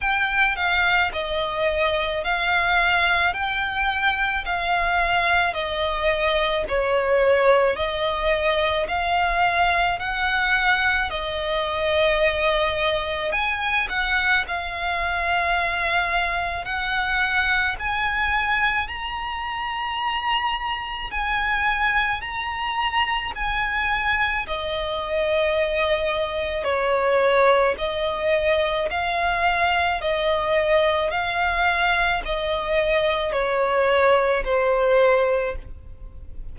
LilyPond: \new Staff \with { instrumentName = "violin" } { \time 4/4 \tempo 4 = 54 g''8 f''8 dis''4 f''4 g''4 | f''4 dis''4 cis''4 dis''4 | f''4 fis''4 dis''2 | gis''8 fis''8 f''2 fis''4 |
gis''4 ais''2 gis''4 | ais''4 gis''4 dis''2 | cis''4 dis''4 f''4 dis''4 | f''4 dis''4 cis''4 c''4 | }